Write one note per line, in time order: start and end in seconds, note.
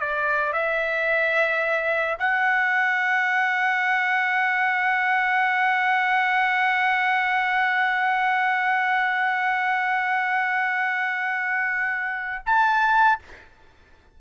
0.00 0.53 D5
0.53 2.18 E5
2.19 12.43 F#5
12.46 13.19 A5